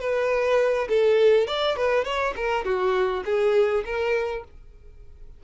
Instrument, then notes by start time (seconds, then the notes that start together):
violin
0.00 B4
0.89 A4
1.47 D5
1.76 B4
2.05 C#5
2.36 A#4
2.65 F#4
3.25 G#4
3.85 A#4